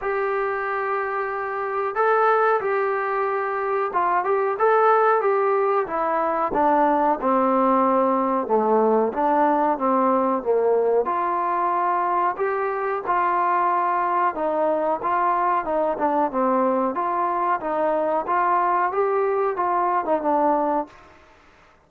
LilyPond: \new Staff \with { instrumentName = "trombone" } { \time 4/4 \tempo 4 = 92 g'2. a'4 | g'2 f'8 g'8 a'4 | g'4 e'4 d'4 c'4~ | c'4 a4 d'4 c'4 |
ais4 f'2 g'4 | f'2 dis'4 f'4 | dis'8 d'8 c'4 f'4 dis'4 | f'4 g'4 f'8. dis'16 d'4 | }